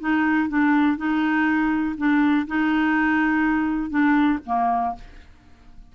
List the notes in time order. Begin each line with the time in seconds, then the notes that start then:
0.00 D#4
0.49 D4
0.97 D#4
1.97 D4
2.47 D#4
3.90 D4
4.46 A#3